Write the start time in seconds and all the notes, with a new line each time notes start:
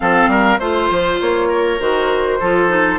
0.00 F3 C4 A4 F5
0.27 G3 A#4
0.58 A3 F4 C5
0.90 F3
1.20 A#3 C#5
1.48 A#4
1.79 D#3 F#4 C5
2.40 F3 F4 A4
2.68 D#4